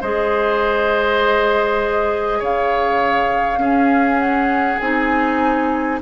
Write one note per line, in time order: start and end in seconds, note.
0.00 2.41 G#3
0.00 3.58 G#4
0.00 2.39 C5
0.00 2.42 D#5
2.39 3.56 C#3
2.39 3.58 C#5
2.39 4.19 F5
3.56 4.76 C#4
3.56 4.78 C#4
3.56 5.99 G#4
4.19 4.79 F#5
4.79 6.00 C4
4.79 6.01 D#4
4.79 5.99 G#5